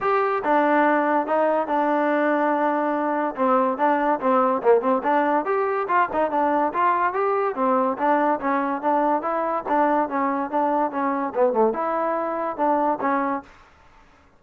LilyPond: \new Staff \with { instrumentName = "trombone" } { \time 4/4 \tempo 4 = 143 g'4 d'2 dis'4 | d'1 | c'4 d'4 c'4 ais8 c'8 | d'4 g'4 f'8 dis'8 d'4 |
f'4 g'4 c'4 d'4 | cis'4 d'4 e'4 d'4 | cis'4 d'4 cis'4 b8 a8 | e'2 d'4 cis'4 | }